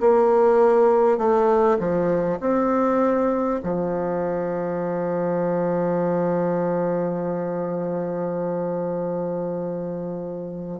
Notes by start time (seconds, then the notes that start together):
0.00 A#3
1.18 A3
1.79 F3
2.40 C4
3.63 F3